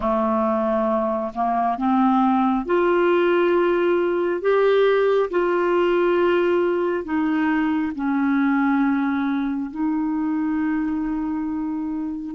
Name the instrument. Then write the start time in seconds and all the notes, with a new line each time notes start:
clarinet
0.00 A3
1.35 A#3
1.77 C4
2.65 F4
4.41 G4
5.30 F4
7.04 D#4
7.95 C#4
9.71 D#4